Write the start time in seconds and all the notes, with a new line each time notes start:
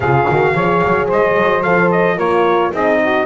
0.00 C#3 F4 G#4 F5
0.27 D#3 F#4
0.54 F3 G#4 C#5
0.84 F#3
1.07 G#3 C5 D#5
1.37 F#3
1.62 F3 A4 F5
1.91 D#5
2.16 A#3 F4 A#4 C#5
2.72 C4 D#4 G#4 D#5
3.01 F#4